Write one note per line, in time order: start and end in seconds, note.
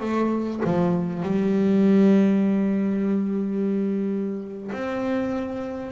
0.00 0.61 A3
0.65 1.23 F3
1.23 4.71 G3
4.72 5.91 C4